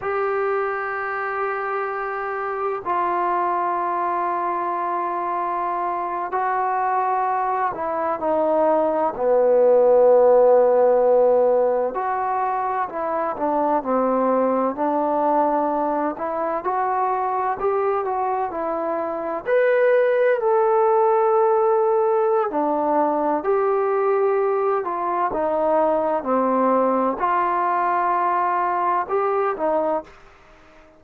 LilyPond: \new Staff \with { instrumentName = "trombone" } { \time 4/4 \tempo 4 = 64 g'2. f'4~ | f'2~ f'8. fis'4~ fis'16~ | fis'16 e'8 dis'4 b2~ b16~ | b8. fis'4 e'8 d'8 c'4 d'16~ |
d'4~ d'16 e'8 fis'4 g'8 fis'8 e'16~ | e'8. b'4 a'2~ a'16 | d'4 g'4. f'8 dis'4 | c'4 f'2 g'8 dis'8 | }